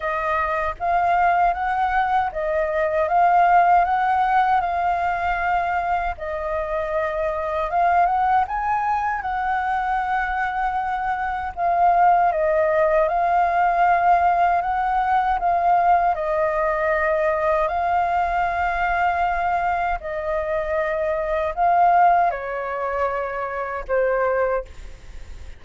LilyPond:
\new Staff \with { instrumentName = "flute" } { \time 4/4 \tempo 4 = 78 dis''4 f''4 fis''4 dis''4 | f''4 fis''4 f''2 | dis''2 f''8 fis''8 gis''4 | fis''2. f''4 |
dis''4 f''2 fis''4 | f''4 dis''2 f''4~ | f''2 dis''2 | f''4 cis''2 c''4 | }